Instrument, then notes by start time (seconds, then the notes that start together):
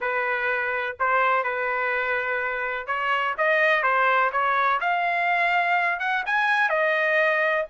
trumpet
0.00 B4
0.99 C5
1.43 B4
2.86 C#5
3.37 D#5
3.82 C5
4.32 C#5
4.80 F5
5.99 F#5
6.25 G#5
6.69 D#5